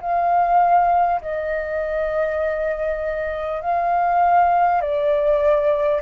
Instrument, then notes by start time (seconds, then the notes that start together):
flute
0.00 F5
1.21 D#5
3.61 F5
4.81 D5